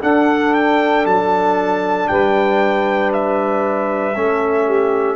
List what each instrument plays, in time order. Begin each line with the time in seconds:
0.00 trombone D4, tuba D4, saxophone A4, trumpet F#5
0.54 trumpet G5
1.06 tuba F#3, trumpet A5
2.08 tuba G3, saxophone B4, trumpet G5
3.13 trumpet E5
4.16 tuba A3, trombone C#4, saxophone A4
4.65 saxophone G4